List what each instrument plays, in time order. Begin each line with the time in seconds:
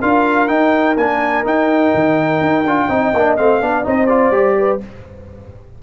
0.00 tuba D4, trombone F4, horn A#4, trumpet F5
0.48 trombone D#4, tuba D#4, trumpet G5
0.97 tuba A#3, trombone D4, trumpet G#5
1.44 trombone D#4, tuba D#4, trumpet G5
1.95 tuba D#3
2.41 tuba D#4
2.64 tuba D4, trombone F4
2.89 tuba C4, trombone D#4, horn D#5
3.14 tuba A#3, trombone D4
3.37 tuba A3, trombone C4, trumpet F5
3.62 tuba B3, trombone D4, horn D5
3.84 tuba C4, trombone D#4, horn C5, trumpet D#5
4.06 trombone F4, trumpet D5
4.31 tuba G3, trombone G4
4.59 horn B4